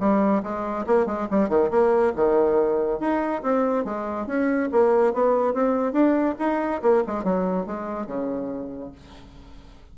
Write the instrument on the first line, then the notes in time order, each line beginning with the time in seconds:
bassoon
0.00 G3
0.43 G#3
0.87 A#3
1.07 G#3
1.31 G3
1.49 D#3
1.71 A#3
2.16 D#3
3.00 D#4
3.43 C4
3.85 G#3
4.27 C#4
4.72 A#3
5.14 B3
5.54 C4
5.93 D4
6.39 D#4
6.83 A#3
7.07 G#3
7.24 F#3
7.67 G#3
8.07 C#3